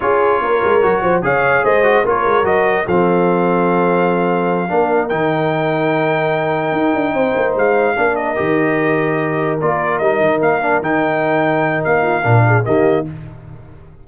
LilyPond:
<<
  \new Staff \with { instrumentName = "trumpet" } { \time 4/4 \tempo 4 = 147 cis''2. f''4 | dis''4 cis''4 dis''4 f''4~ | f''1~ | f''8 g''2.~ g''8~ |
g''2~ g''8 f''4. | dis''2.~ dis''8 d''8~ | d''8 dis''4 f''4 g''4.~ | g''4 f''2 dis''4 | }
  \new Staff \with { instrumentName = "horn" } { \time 4/4 gis'4 ais'4. c''8 cis''4 | c''4 ais'2 a'4~ | a'2.~ a'8 ais'8~ | ais'1~ |
ais'4. c''2 ais'8~ | ais'1~ | ais'1~ | ais'4. f'8 ais'8 gis'8 g'4 | }
  \new Staff \with { instrumentName = "trombone" } { \time 4/4 f'2 fis'4 gis'4~ | gis'8 fis'8 f'4 fis'4 c'4~ | c'2.~ c'8 d'8~ | d'8 dis'2.~ dis'8~ |
dis'2.~ dis'8 d'8~ | d'8 g'2. f'8~ | f'8 dis'4. d'8 dis'4.~ | dis'2 d'4 ais4 | }
  \new Staff \with { instrumentName = "tuba" } { \time 4/4 cis'4 ais8 gis8 fis8 f8 cis4 | gis4 ais8 gis8 fis4 f4~ | f2.~ f8 ais8~ | ais8 dis2.~ dis8~ |
dis8 dis'8 d'8 c'8 ais8 gis4 ais8~ | ais8 dis2. ais8~ | ais8 g8 dis8 ais4 dis4.~ | dis4 ais4 ais,4 dis4 | }
>>